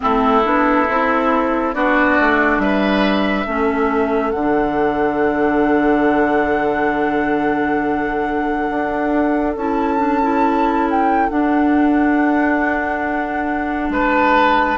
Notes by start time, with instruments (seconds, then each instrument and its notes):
0.00 bassoon A3, clarinet C4, oboe E4, flute A4
0.43 bassoon B3, clarinet D4
0.89 bassoon C4, clarinet E4
1.73 bassoon B3, clarinet D4, oboe F#4, flute D5
2.20 bassoon A3
2.58 bassoon G3, oboe B4, flute E5
3.46 bassoon A3, clarinet C#4, oboe A4
4.30 bassoon D3, flute F#5
4.37 clarinet D4
8.69 bassoon D4
9.55 bassoon C#4, clarinet E4, flute A5
9.98 clarinet D4
10.22 clarinet E4
10.90 flute G5
11.29 clarinet D4, bassoon D4, flute F#5
13.89 bassoon G#3, oboe B4, flute A5